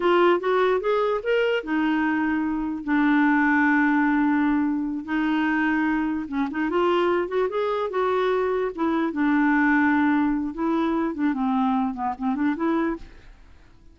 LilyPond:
\new Staff \with { instrumentName = "clarinet" } { \time 4/4 \tempo 4 = 148 f'4 fis'4 gis'4 ais'4 | dis'2. d'4~ | d'1~ | d'8 dis'2. cis'8 |
dis'8 f'4. fis'8 gis'4 fis'8~ | fis'4. e'4 d'4.~ | d'2 e'4. d'8 | c'4. b8 c'8 d'8 e'4 | }